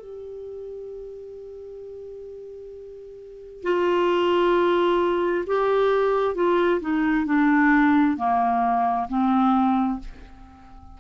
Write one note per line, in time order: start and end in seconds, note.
0.00 3.63 G4
3.63 5.45 F4
5.46 6.35 G4
6.35 6.80 F4
6.80 7.26 D#4
7.26 8.17 D4
8.17 9.08 A#3
9.08 9.99 C4